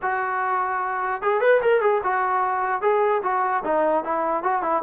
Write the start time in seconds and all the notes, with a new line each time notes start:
0.02 F#4
1.22 G#4
1.40 B4
1.62 A#4
1.81 G#4
2.03 F#4
2.81 G#4
3.23 F#4
3.64 D#4
4.04 E4
4.43 F#4
4.62 E4